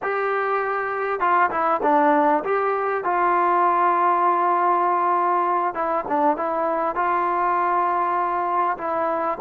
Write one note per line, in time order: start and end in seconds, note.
0.02 1.20 G4
1.20 1.50 F4
1.50 1.80 E4
1.83 2.43 D4
2.44 3.04 G4
3.04 5.74 F4
5.74 6.04 E4
6.08 6.36 D4
6.36 6.95 E4
6.95 8.77 F4
8.77 9.38 E4